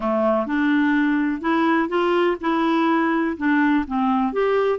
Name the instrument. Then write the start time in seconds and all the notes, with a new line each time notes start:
clarinet
0.00 A3
0.46 D4
1.41 E4
1.88 F4
2.40 E4
3.37 D4
3.87 C4
4.32 G4